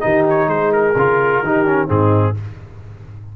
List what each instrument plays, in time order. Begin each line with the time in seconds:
0.00 tuba D#3, trombone D#4, horn G4, trumpet D#5
0.29 trumpet C#5
0.47 tuba G#3, horn G#4, trumpet C5
0.72 trumpet A#4
0.95 tuba C#3, trombone F4
1.42 tuba D#3, trombone D#4, horn G4
1.65 trombone C#4
1.87 tuba G#2, trombone C4, horn D#4, trumpet G#4